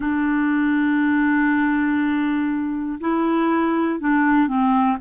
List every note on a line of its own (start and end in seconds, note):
0.00 2.99 D4
3.00 4.00 E4
4.00 4.47 D4
4.47 4.97 C4